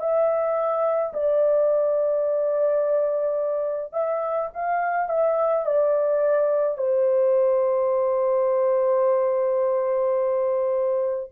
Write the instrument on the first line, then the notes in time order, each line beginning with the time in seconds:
horn
0.00 E5
1.14 D5
3.93 E5
4.54 F5
5.09 E5
5.66 D5
6.78 C5